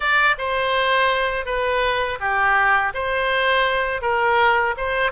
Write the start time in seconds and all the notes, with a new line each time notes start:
0.00 D5
0.38 C5
1.45 B4
2.20 G4
2.94 C5
4.01 A#4
4.77 C5